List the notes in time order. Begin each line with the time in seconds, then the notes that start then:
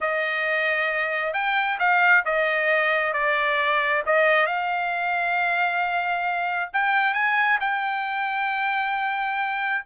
0.00 D#5
1.33 G5
1.79 F5
2.25 D#5
3.13 D5
4.05 D#5
4.46 F5
6.73 G5
7.14 G#5
7.60 G5